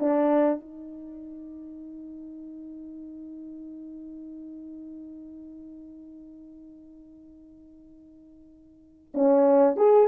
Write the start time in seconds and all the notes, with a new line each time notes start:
0.00 D4
0.60 D#4
9.14 C#4
9.77 G#4